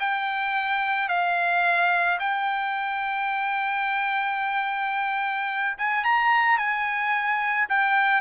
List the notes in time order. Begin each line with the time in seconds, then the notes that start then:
0.00 G5
1.09 F5
2.20 G5
5.78 G#5
6.05 A#5
6.58 G#5
7.69 G5